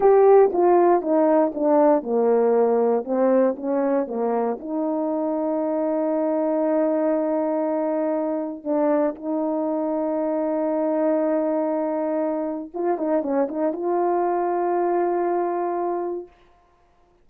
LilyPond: \new Staff \with { instrumentName = "horn" } { \time 4/4 \tempo 4 = 118 g'4 f'4 dis'4 d'4 | ais2 c'4 cis'4 | ais4 dis'2.~ | dis'1~ |
dis'4 d'4 dis'2~ | dis'1~ | dis'4 f'8 dis'8 cis'8 dis'8 f'4~ | f'1 | }